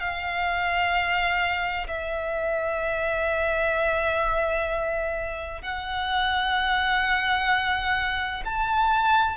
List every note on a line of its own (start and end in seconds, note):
0.00 1.87 F5
1.88 5.62 E5
5.62 8.43 F#5
8.45 9.37 A5